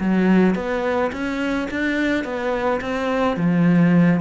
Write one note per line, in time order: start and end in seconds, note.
0.00 0.55 F#3
0.55 1.11 B3
1.13 1.69 C#4
1.71 2.24 D4
2.24 2.80 B3
2.81 3.37 C4
3.37 4.21 F3